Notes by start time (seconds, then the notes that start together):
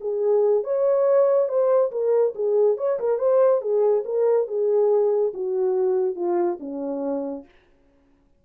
0.00 G#4
0.64 C#5
1.48 C5
1.91 A#4
2.35 G#4
2.77 C#5
2.99 A#4
3.18 C5
3.61 G#4
4.04 A#4
4.47 G#4
5.33 F#4
6.15 F4
6.60 C#4